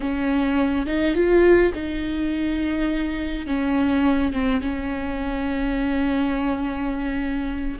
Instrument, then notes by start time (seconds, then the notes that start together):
viola
0.00 C#4
0.86 D#4
1.14 F4
1.74 D#4
3.46 C#4
4.33 C4
4.61 C#4